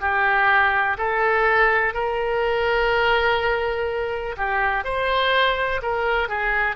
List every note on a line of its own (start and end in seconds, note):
0.00 0.97 G4
0.97 1.94 A4
1.94 4.35 A#4
4.36 4.84 G4
4.84 5.81 C5
5.82 6.29 A#4
6.29 6.75 G#4